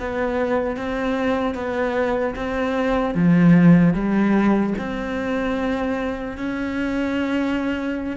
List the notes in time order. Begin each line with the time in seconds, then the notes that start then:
0.00 B3
0.77 C4
1.55 B3
2.36 C4
3.15 F3
3.94 G3
4.79 C4
6.37 C#4